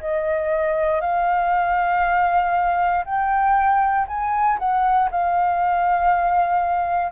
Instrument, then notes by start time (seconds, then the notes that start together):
flute
0.00 D#5
1.01 F5
3.05 G5
4.08 G#5
4.59 F#5
5.11 F5